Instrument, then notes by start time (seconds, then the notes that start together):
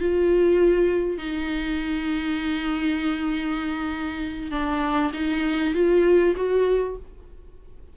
viola
0.00 F4
1.18 D#4
4.52 D4
5.14 D#4
5.74 F4
6.36 F#4